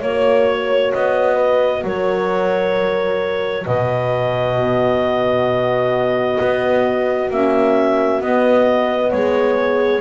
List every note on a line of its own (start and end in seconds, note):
0.00 0.92 A#3
0.00 4.55 F#4
0.00 0.91 C#5
0.00 1.35 C#5
0.92 1.84 B3
0.92 1.83 D#5
1.35 1.80 B4
1.84 3.65 F#3
1.84 3.66 A#4
1.84 3.66 C#5
3.66 6.39 B2
3.66 4.55 B4
3.66 7.29 D#5
4.55 7.27 B3
4.55 9.10 F#4
6.40 7.30 B3
7.30 8.21 A#3
7.30 8.20 C#4
7.30 8.22 E5
8.20 10.00 B3
8.20 9.12 B3
8.20 9.11 D#5
9.11 10.00 G#3
9.11 10.00 G#4
9.11 10.00 C#5